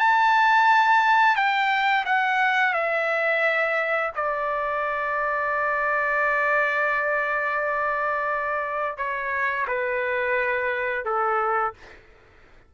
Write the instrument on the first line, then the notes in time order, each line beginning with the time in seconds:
trumpet
0.00 A5
1.36 G5
2.06 F#5
2.74 E5
4.16 D5
8.98 C#5
9.68 B4
11.05 A4